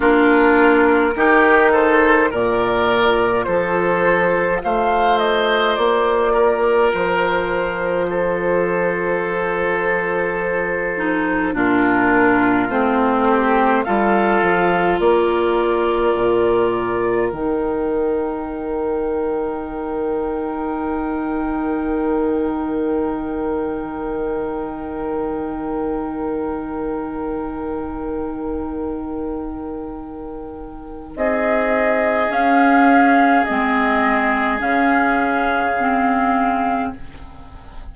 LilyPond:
<<
  \new Staff \with { instrumentName = "flute" } { \time 4/4 \tempo 4 = 52 ais'4. c''8 d''4 c''4 | f''8 dis''8 d''4 c''2~ | c''2 ais'4 c''4 | f''4 d''2 g''4~ |
g''1~ | g''1~ | g''2. dis''4 | f''4 dis''4 f''2 | }
  \new Staff \with { instrumentName = "oboe" } { \time 4/4 f'4 g'8 a'8 ais'4 a'4 | c''4. ais'4. a'4~ | a'2 f'4. g'8 | a'4 ais'2.~ |
ais'1~ | ais'1~ | ais'2. gis'4~ | gis'1 | }
  \new Staff \with { instrumentName = "clarinet" } { \time 4/4 d'4 dis'4 f'2~ | f'1~ | f'4. dis'8 d'4 c'4 | f'2. dis'4~ |
dis'1~ | dis'1~ | dis'1 | cis'4 c'4 cis'4 c'4 | }
  \new Staff \with { instrumentName = "bassoon" } { \time 4/4 ais4 dis4 ais,4 f4 | a4 ais4 f2~ | f2 ais,4 a4 | g8 f8 ais4 ais,4 dis4~ |
dis1~ | dis1~ | dis2. c'4 | cis'4 gis4 cis2 | }
>>